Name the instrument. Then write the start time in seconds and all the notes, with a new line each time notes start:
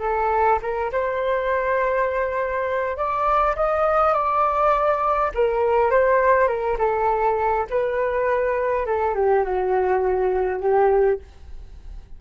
flute
0.00 A4
0.62 A#4
0.92 C5
2.97 D5
3.56 D#5
4.14 D5
5.34 A#4
5.91 C5
6.48 A#4
6.79 A4
7.70 B4
8.86 A4
9.15 G4
9.44 F#4
10.60 G4